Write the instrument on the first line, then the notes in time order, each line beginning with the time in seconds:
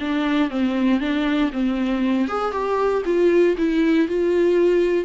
viola
0.00 D4
0.50 C4
1.00 D4
1.53 C4
2.28 G#4
2.51 G4
3.05 F4
3.58 E4
4.08 F4